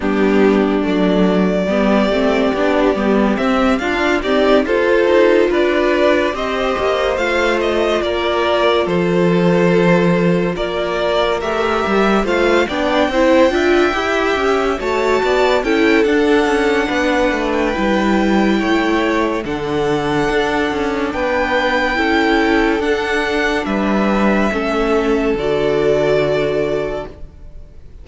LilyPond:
<<
  \new Staff \with { instrumentName = "violin" } { \time 4/4 \tempo 4 = 71 g'4 d''2. | e''8 f''8 d''8 c''4 d''4 dis''8~ | dis''8 f''8 dis''8 d''4 c''4.~ | c''8 d''4 e''4 f''8 g''4~ |
g''4. a''4 g''8 fis''4~ | fis''8. g''2~ g''16 fis''4~ | fis''4 g''2 fis''4 | e''2 d''2 | }
  \new Staff \with { instrumentName = "violin" } { \time 4/4 d'2 g'2~ | g'8 f'8 g'8 a'4 b'4 c''8~ | c''4. ais'4 a'4.~ | a'8 ais'2 c''8 d''8 c''8 |
e''4. cis''8 d''8 a'4. | b'2 cis''4 a'4~ | a'4 b'4 a'2 | b'4 a'2. | }
  \new Staff \with { instrumentName = "viola" } { \time 4/4 b4 a4 b8 c'8 d'8 b8 | c'8 d'8 c'8 f'2 g'8~ | g'8 f'2.~ f'8~ | f'4. g'4 f'8 d'8 e'8 |
f'8 g'4 fis'4 e'8 d'4~ | d'4 e'2 d'4~ | d'2 e'4 d'4~ | d'4 cis'4 fis'2 | }
  \new Staff \with { instrumentName = "cello" } { \time 4/4 g4 fis4 g8 a8 b8 g8 | c'8 d'8 dis'8 f'8 dis'8 d'4 c'8 | ais8 a4 ais4 f4.~ | f8 ais4 a8 g8 a8 b8 c'8 |
d'8 e'8 cis'8 a8 b8 cis'8 d'8 cis'8 | b8 a8 g4 a4 d4 | d'8 cis'8 b4 cis'4 d'4 | g4 a4 d2 | }
>>